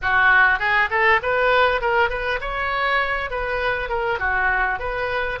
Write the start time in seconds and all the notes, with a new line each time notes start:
0.01 F#4
0.59 G#4
0.90 A4
1.22 B4
1.81 A#4
2.09 B4
2.40 C#5
3.30 B4
3.89 A#4
4.19 F#4
4.79 B4